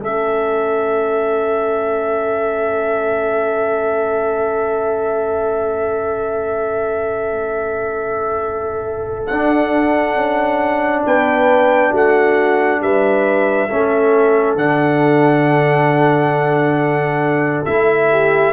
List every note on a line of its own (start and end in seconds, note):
0.00 9.26 A3
0.00 9.28 C#4
0.00 11.05 A4
0.00 9.27 E5
9.27 13.69 D4
9.27 10.15 D4
9.27 11.03 F#5
10.15 11.04 C#4
11.06 11.93 B3
11.06 11.91 B4
11.06 11.95 G5
11.91 12.81 A3
11.91 12.79 F#4
11.91 12.82 F#5
12.81 13.69 G3
12.81 13.69 B4
12.81 14.58 E5
13.69 14.56 A3
13.69 14.58 C#4
13.69 18.11 A4
14.56 17.65 D3
14.56 17.67 D4
14.56 17.65 F#5
17.65 18.53 A3
17.65 18.53 E4
17.65 18.53 E5
18.11 18.53 G4